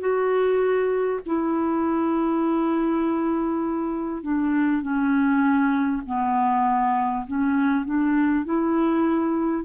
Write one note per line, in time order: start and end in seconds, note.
0.00 1.20 F#4
1.26 4.23 E4
4.23 4.82 D4
4.82 6.02 C#4
6.06 7.26 B3
7.27 7.85 C#4
7.85 8.44 D4
8.44 9.64 E4